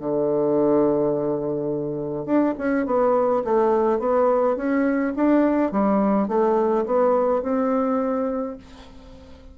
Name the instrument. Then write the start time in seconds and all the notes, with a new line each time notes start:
bassoon
0.00 D3
2.26 D4
2.58 C#4
2.86 B3
3.45 A3
3.99 B3
4.57 C#4
5.16 D4
5.72 G3
6.29 A3
6.86 B3
7.43 C4